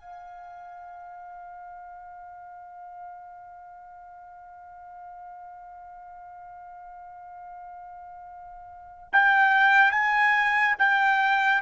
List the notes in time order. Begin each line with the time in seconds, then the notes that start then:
0.00 F5
9.12 G5
9.91 G#5
10.78 G5